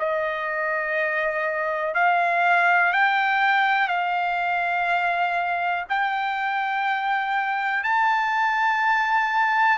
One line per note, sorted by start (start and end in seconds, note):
0.00 1.95 D#5
1.95 2.93 F5
2.93 3.89 G5
3.89 5.85 F5
5.90 7.84 G5
7.84 9.79 A5